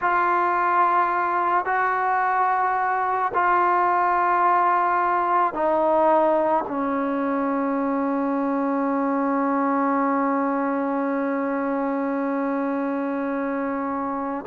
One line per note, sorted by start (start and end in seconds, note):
0.01 1.65 F4
1.65 3.31 F#4
3.33 5.53 F4
5.53 6.64 D#4
6.67 14.45 C#4